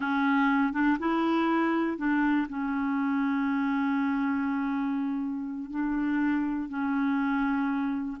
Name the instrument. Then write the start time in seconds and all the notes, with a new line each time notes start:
clarinet
0.00 C#4
0.72 D4
0.99 E4
1.97 D4
2.49 C#4
5.70 D4
6.69 C#4